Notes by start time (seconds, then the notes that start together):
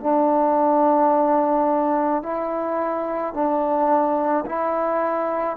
0.00 D4
2.22 E4
3.33 D4
4.45 E4